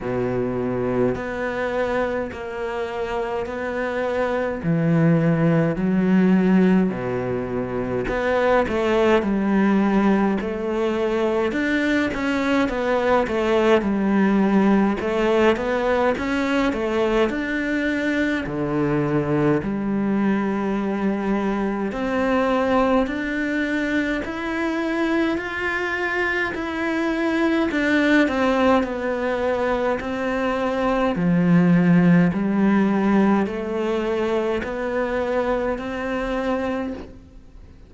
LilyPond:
\new Staff \with { instrumentName = "cello" } { \time 4/4 \tempo 4 = 52 b,4 b4 ais4 b4 | e4 fis4 b,4 b8 a8 | g4 a4 d'8 cis'8 b8 a8 | g4 a8 b8 cis'8 a8 d'4 |
d4 g2 c'4 | d'4 e'4 f'4 e'4 | d'8 c'8 b4 c'4 f4 | g4 a4 b4 c'4 | }